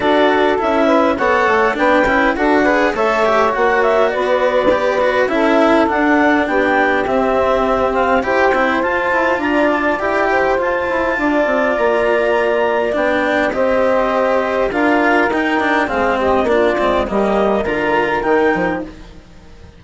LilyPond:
<<
  \new Staff \with { instrumentName = "clarinet" } { \time 4/4 \tempo 4 = 102 d''4 e''4 fis''4 g''4 | fis''4 e''4 fis''8 e''8 d''4~ | d''4 e''4 fis''4 g''4 | e''4. f''8 g''4 a''4 |
ais''8 a''8 g''4 a''2 | ais''2 g''4 dis''4~ | dis''4 f''4 g''4 f''8 dis''8 | d''4 dis''4 ais''4 g''4 | }
  \new Staff \with { instrumentName = "saxophone" } { \time 4/4 a'4. b'8 cis''4 b'4 | a'8 b'8 cis''2 b'4~ | b'4 a'2 g'4~ | g'2 c''2 |
d''4. c''4. d''4~ | d''2. c''4~ | c''4 ais'2 gis'8 g'8 | f'4 g'4 ais'2 | }
  \new Staff \with { instrumentName = "cello" } { \time 4/4 fis'4 e'4 a'4 d'8 e'8 | fis'8 gis'8 a'8 g'8 fis'2 | g'8 fis'8 e'4 d'2 | c'2 g'8 e'8 f'4~ |
f'4 g'4 f'2~ | f'2 d'4 g'4~ | g'4 f'4 dis'8 d'8 c'4 | d'8 c'8 ais4 f'4 dis'4 | }
  \new Staff \with { instrumentName = "bassoon" } { \time 4/4 d'4 cis'4 b8 a8 b8 cis'8 | d'4 a4 ais4 b4~ | b4 cis'4 d'4 b4 | c'2 e'8 c'8 f'8 e'8 |
d'4 e'4 f'8 e'8 d'8 c'8 | ais2 b4 c'4~ | c'4 d'4 dis'4 gis4 | ais8 gis8 g4 d4 dis8 f8 | }
>>